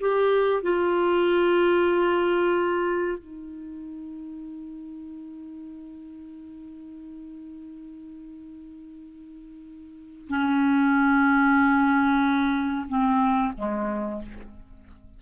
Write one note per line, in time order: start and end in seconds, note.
0.00 0.62 G4
0.62 3.18 F4
3.18 10.28 D#4
10.28 12.87 C#4
12.88 13.53 C4
13.57 14.21 G#3